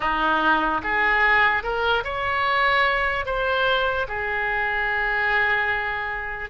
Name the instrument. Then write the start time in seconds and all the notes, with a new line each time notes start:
oboe
0.00 D#4
0.83 G#4
1.63 A#4
2.03 C#5
3.25 C5
4.08 G#4